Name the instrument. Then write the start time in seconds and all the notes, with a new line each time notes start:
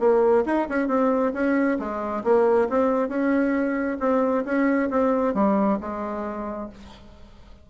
bassoon
0.00 A#3
0.46 D#4
0.69 C#4
0.88 C4
1.34 C#4
1.79 G#3
2.24 A#3
2.70 C4
3.09 C#4
4.00 C4
4.45 C#4
4.91 C4
5.35 G3
5.81 G#3